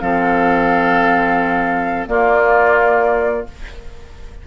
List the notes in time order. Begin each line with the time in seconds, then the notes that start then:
0.00 F3 C4 A4 F5
2.07 A#3 F4 D5